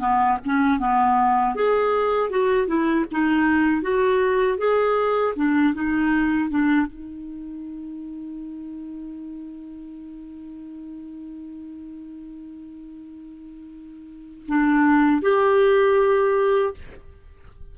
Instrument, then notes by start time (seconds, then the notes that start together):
clarinet
0.00 B3
0.46 C#4
0.79 B3
1.55 G#4
2.30 F#4
2.67 E4
3.12 D#4
3.82 F#4
4.58 G#4
5.36 D4
5.74 D#4
6.50 D4
6.87 D#4
14.48 D4
15.22 G4